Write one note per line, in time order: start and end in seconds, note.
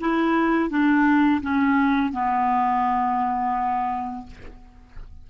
0.00 0.69 E4
0.69 1.41 D4
1.42 2.12 C#4
2.12 4.26 B3